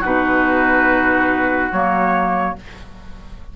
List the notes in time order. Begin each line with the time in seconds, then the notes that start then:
0.00 B2 D#4 F#4 B4
1.71 F#3 A#3 C#5